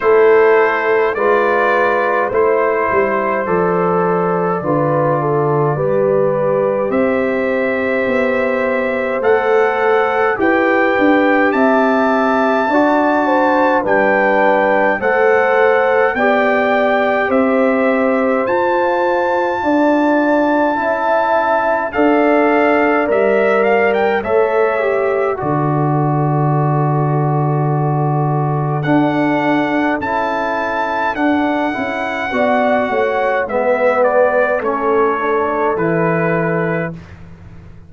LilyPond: <<
  \new Staff \with { instrumentName = "trumpet" } { \time 4/4 \tempo 4 = 52 c''4 d''4 c''4 d''4~ | d''2 e''2 | fis''4 g''4 a''2 | g''4 fis''4 g''4 e''4 |
a''2. f''4 | e''8 f''16 g''16 e''4 d''2~ | d''4 fis''4 a''4 fis''4~ | fis''4 e''8 d''8 cis''4 b'4 | }
  \new Staff \with { instrumentName = "horn" } { \time 4/4 a'4 b'4 c''2 | b'8 a'8 b'4 c''2~ | c''4 b'4 e''4 d''8 c''8 | b'4 c''4 d''4 c''4~ |
c''4 d''4 e''4 d''4~ | d''4 cis''4 a'2~ | a'1 | d''8 cis''8 b'4 a'2 | }
  \new Staff \with { instrumentName = "trombone" } { \time 4/4 e'4 f'4 e'4 a'4 | f'4 g'2. | a'4 g'2 fis'4 | d'4 a'4 g'2 |
f'2 e'4 a'4 | ais'4 a'8 g'8 fis'2~ | fis'4 d'4 e'4 d'8 e'8 | fis'4 b4 cis'8 d'8 e'4 | }
  \new Staff \with { instrumentName = "tuba" } { \time 4/4 a4 gis4 a8 g8 f4 | d4 g4 c'4 b4 | a4 e'8 d'8 c'4 d'4 | g4 a4 b4 c'4 |
f'4 d'4 cis'4 d'4 | g4 a4 d2~ | d4 d'4 cis'4 d'8 cis'8 | b8 a8 gis4 a4 e4 | }
>>